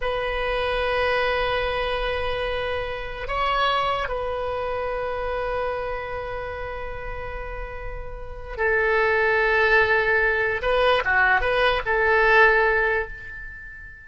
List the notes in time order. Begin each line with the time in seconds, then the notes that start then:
0.01 B4
3.27 C#5
4.08 B4
8.57 A4
10.62 B4
11.04 F#4
11.40 B4
11.85 A4